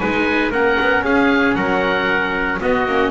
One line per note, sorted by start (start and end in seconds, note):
0.00 0.52 G#3
0.00 0.52 D#4
0.00 0.52 B4
0.00 0.52 G#5
0.52 0.78 A#3
0.52 2.60 C#4
0.52 1.04 A#4
0.52 1.05 F#5
0.80 1.02 B3
1.02 1.55 C#4
1.02 1.57 G#4
1.02 1.55 F5
1.55 2.60 F#3
1.55 2.61 A#4
1.55 2.59 F#5
2.60 2.86 B3
2.60 3.11 F#4
2.60 3.11 D#5
2.86 3.11 A#3
2.86 3.11 C#4